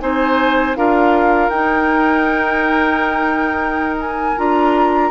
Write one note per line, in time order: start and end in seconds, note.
0.00 0.77 C4
0.00 0.76 D#4
0.00 0.77 C5
0.00 0.76 G#5
0.76 1.49 D4
0.76 1.52 F4
0.76 5.11 A#4
0.76 1.50 F5
1.49 4.34 D#4
1.49 4.37 D#4
1.49 3.97 G5
4.00 4.38 G#5
4.37 5.11 D4
4.37 5.11 F4
4.37 5.11 A#5